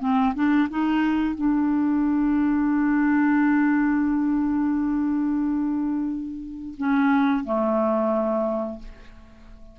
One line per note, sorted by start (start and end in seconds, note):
0.00 0.34 C4
0.35 0.68 D4
0.70 1.35 D#4
1.35 6.74 D4
6.78 7.44 C#4
7.44 8.79 A3